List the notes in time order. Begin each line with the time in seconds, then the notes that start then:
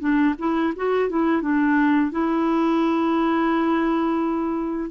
0.00 D4
0.39 E4
0.76 F#4
1.09 E4
1.42 D4
2.12 E4